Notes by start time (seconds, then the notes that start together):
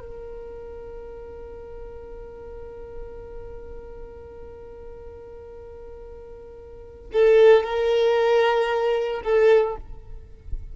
0.00 A#4
7.13 A4
7.64 A#4
9.24 A4